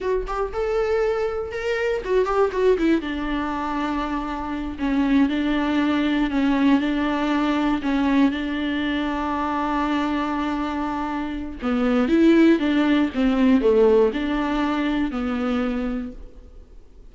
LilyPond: \new Staff \with { instrumentName = "viola" } { \time 4/4 \tempo 4 = 119 fis'8 g'8 a'2 ais'4 | fis'8 g'8 fis'8 e'8 d'2~ | d'4. cis'4 d'4.~ | d'8 cis'4 d'2 cis'8~ |
cis'8 d'2.~ d'8~ | d'2. b4 | e'4 d'4 c'4 a4 | d'2 b2 | }